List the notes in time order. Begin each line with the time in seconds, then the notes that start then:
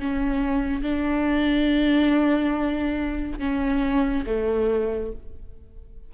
0.00 C#4
0.83 D4
3.39 C#4
4.27 A3